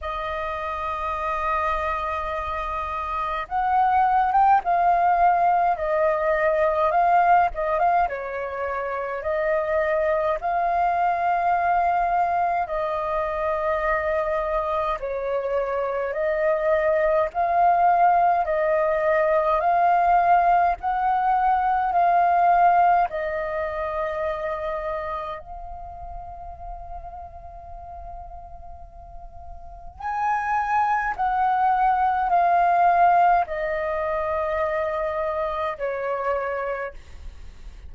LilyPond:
\new Staff \with { instrumentName = "flute" } { \time 4/4 \tempo 4 = 52 dis''2. fis''8. g''16 | f''4 dis''4 f''8 dis''16 f''16 cis''4 | dis''4 f''2 dis''4~ | dis''4 cis''4 dis''4 f''4 |
dis''4 f''4 fis''4 f''4 | dis''2 f''2~ | f''2 gis''4 fis''4 | f''4 dis''2 cis''4 | }